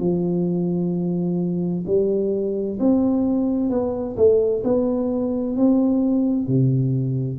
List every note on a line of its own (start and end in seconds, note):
0.00 1.85 F3
1.86 2.79 G3
2.79 3.70 C4
3.70 4.16 B3
4.17 4.63 A3
4.64 5.56 B3
5.56 6.47 C4
6.47 7.39 C3